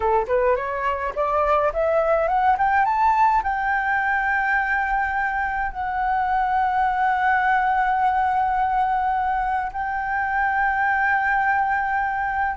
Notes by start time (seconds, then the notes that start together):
0.00 A4
0.27 B4
0.56 C#5
1.15 D5
1.73 E5
2.28 F#5
2.57 G5
2.85 A5
3.43 G5
5.71 F#5
9.72 G5